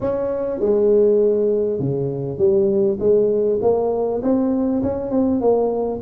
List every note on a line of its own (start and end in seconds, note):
0.01 0.59 C#4
0.59 1.79 G#3
1.79 2.38 C#3
2.38 2.98 G3
2.99 3.59 G#3
3.61 4.21 A#3
4.22 4.82 C4
4.82 5.10 C#4
5.10 5.40 C4
5.40 6.00 A#3